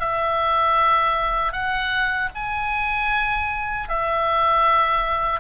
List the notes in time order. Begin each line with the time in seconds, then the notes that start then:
0.00 E5
1.53 F#5
2.35 G#5
3.89 E5